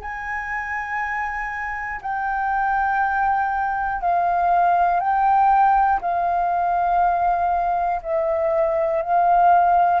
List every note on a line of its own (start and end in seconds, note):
0.00 2.00 G#5
2.01 4.01 G5
4.01 5.00 F5
5.00 6.00 G5
6.00 8.00 F5
8.02 9.02 E5
9.02 10.00 F5